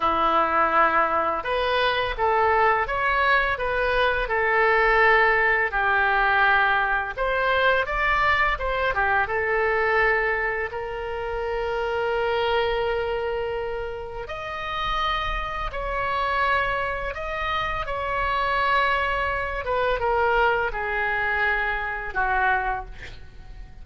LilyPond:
\new Staff \with { instrumentName = "oboe" } { \time 4/4 \tempo 4 = 84 e'2 b'4 a'4 | cis''4 b'4 a'2 | g'2 c''4 d''4 | c''8 g'8 a'2 ais'4~ |
ais'1 | dis''2 cis''2 | dis''4 cis''2~ cis''8 b'8 | ais'4 gis'2 fis'4 | }